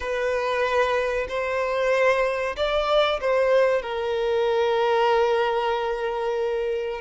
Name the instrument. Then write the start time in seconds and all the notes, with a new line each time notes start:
violin
0.00 B4
1.28 C5
2.56 D5
3.21 C5
3.82 A#4